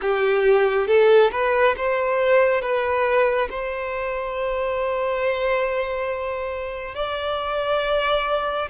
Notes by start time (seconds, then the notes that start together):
0.01 G4
0.87 A4
1.31 B4
1.76 C5
2.61 B4
3.50 C5
6.94 D5